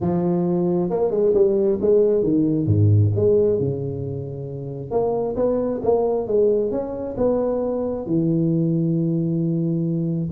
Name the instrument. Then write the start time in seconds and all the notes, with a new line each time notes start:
tuba
0.00 F3
0.90 A#3
1.11 G#3
1.34 G3
1.81 G#3
2.23 D#3
2.66 G#2
3.15 G#3
3.59 C#3
4.91 A#3
5.36 B3
5.82 A#3
6.27 G#3
6.71 C#4
7.17 B3
8.06 E3